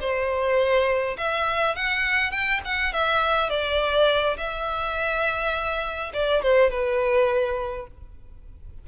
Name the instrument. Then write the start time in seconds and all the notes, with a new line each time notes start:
violin
0.00 C5
1.17 E5
1.75 F#5
2.31 G5
2.65 F#5
2.93 E5
3.49 D5
4.37 E5
6.13 D5
6.42 C5
6.70 B4